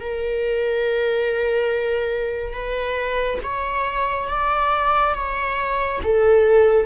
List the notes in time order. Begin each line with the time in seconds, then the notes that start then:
0.00 A#4
2.53 B4
3.43 C#5
4.29 D5
5.14 C#5
6.03 A4